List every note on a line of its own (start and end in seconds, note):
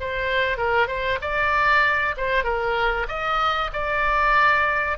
0.00 0.57 C5
0.57 0.88 A#4
0.88 1.19 C5
1.21 2.15 D5
2.17 2.44 C5
2.44 3.06 A#4
3.08 3.71 D#5
3.73 4.98 D5